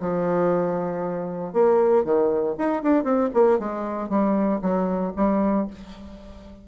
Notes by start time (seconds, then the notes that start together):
0.00 F3
1.53 A#3
2.04 D#3
2.58 D#4
2.83 D4
3.04 C4
3.34 A#3
3.59 G#3
4.09 G3
4.62 F#3
5.16 G3